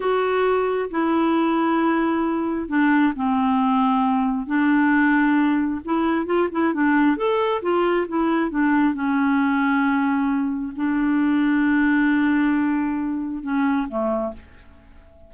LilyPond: \new Staff \with { instrumentName = "clarinet" } { \time 4/4 \tempo 4 = 134 fis'2 e'2~ | e'2 d'4 c'4~ | c'2 d'2~ | d'4 e'4 f'8 e'8 d'4 |
a'4 f'4 e'4 d'4 | cis'1 | d'1~ | d'2 cis'4 a4 | }